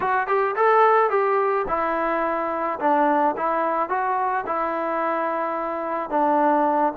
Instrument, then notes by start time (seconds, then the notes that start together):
trombone
0.00 F#4
0.27 G4
0.56 A4
1.10 G4
1.68 E4
2.79 D4
3.36 E4
3.89 F#4
4.46 E4
6.10 D4